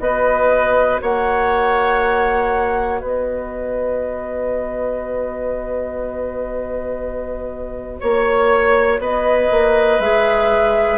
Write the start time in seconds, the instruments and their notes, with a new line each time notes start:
0.00 bassoon B3, clarinet F#4, oboe B4, flute D#5
1.02 bassoon A#3, oboe C#5, flute F#5
3.00 bassoon B3, oboe B4, flute D#5
8.00 bassoon A#3, oboe C#5, flute C#5
8.99 bassoon B3, oboe B4, flute D#5
9.51 bassoon A#3
10.00 bassoon G#3, clarinet G#4, flute E5